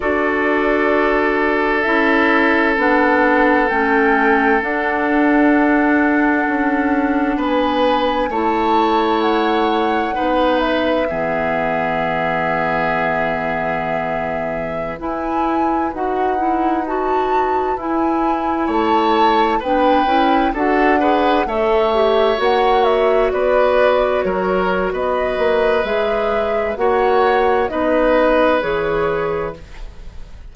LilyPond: <<
  \new Staff \with { instrumentName = "flute" } { \time 4/4 \tempo 4 = 65 d''2 e''4 fis''4 | g''4 fis''2. | gis''4 a''4 fis''4. e''8~ | e''1~ |
e''16 gis''4 fis''4 a''4 gis''8.~ | gis''16 a''4 g''4 fis''4 e''8.~ | e''16 fis''8 e''8 d''4 cis''8. dis''4 | e''4 fis''4 dis''4 cis''4 | }
  \new Staff \with { instrumentName = "oboe" } { \time 4/4 a'1~ | a'1 | b'4 cis''2 b'4 | gis'1~ |
gis'16 b'2.~ b'8.~ | b'16 cis''4 b'4 a'8 b'8 cis''8.~ | cis''4~ cis''16 b'4 ais'8. b'4~ | b'4 cis''4 b'2 | }
  \new Staff \with { instrumentName = "clarinet" } { \time 4/4 fis'2 e'4 d'4 | cis'4 d'2.~ | d'4 e'2 dis'4 | b1~ |
b16 e'4 fis'8 e'8 fis'4 e'8.~ | e'4~ e'16 d'8 e'8 fis'8 gis'8 a'8 g'16~ | g'16 fis'2.~ fis'8. | gis'4 fis'4 dis'4 gis'4 | }
  \new Staff \with { instrumentName = "bassoon" } { \time 4/4 d'2 cis'4 b4 | a4 d'2 cis'4 | b4 a2 b4 | e1~ |
e16 e'4 dis'2 e'8.~ | e'16 a4 b8 cis'8 d'4 a8.~ | a16 ais4 b4 fis8. b8 ais8 | gis4 ais4 b4 e4 | }
>>